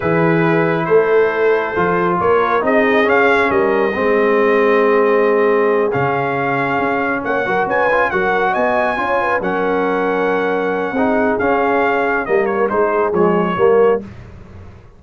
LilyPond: <<
  \new Staff \with { instrumentName = "trumpet" } { \time 4/4 \tempo 4 = 137 b'2 c''2~ | c''4 cis''4 dis''4 f''4 | dis''1~ | dis''4. f''2~ f''8~ |
f''8 fis''4 gis''4 fis''4 gis''8~ | gis''4. fis''2~ fis''8~ | fis''2 f''2 | dis''8 cis''8 c''4 cis''2 | }
  \new Staff \with { instrumentName = "horn" } { \time 4/4 gis'2 a'2~ | a'4 ais'4 gis'2 | ais'4 gis'2.~ | gis'1~ |
gis'8 cis''8 ais'8 b'4 ais'4 dis''8~ | dis''8 cis''8 b'8 ais'2~ ais'8~ | ais'4 gis'2. | ais'4 gis'2 ais'4 | }
  \new Staff \with { instrumentName = "trombone" } { \time 4/4 e'1 | f'2 dis'4 cis'4~ | cis'4 c'2.~ | c'4. cis'2~ cis'8~ |
cis'4 fis'4 f'8 fis'4.~ | fis'8 f'4 cis'2~ cis'8~ | cis'4 dis'4 cis'2 | ais4 dis'4 gis4 ais4 | }
  \new Staff \with { instrumentName = "tuba" } { \time 4/4 e2 a2 | f4 ais4 c'4 cis'4 | g4 gis2.~ | gis4. cis2 cis'8~ |
cis'8 ais8 fis8 cis'4 fis4 b8~ | b8 cis'4 fis2~ fis8~ | fis4 c'4 cis'2 | g4 gis4 f4 g4 | }
>>